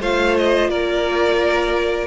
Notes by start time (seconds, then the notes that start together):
0.00 A3 F4 C5 F5
0.38 D#5
0.68 A#3 A#4 D5